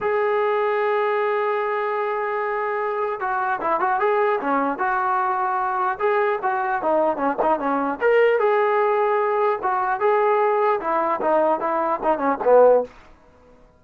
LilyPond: \new Staff \with { instrumentName = "trombone" } { \time 4/4 \tempo 4 = 150 gis'1~ | gis'1 | fis'4 e'8 fis'8 gis'4 cis'4 | fis'2. gis'4 |
fis'4 dis'4 cis'8 dis'8 cis'4 | ais'4 gis'2. | fis'4 gis'2 e'4 | dis'4 e'4 dis'8 cis'8 b4 | }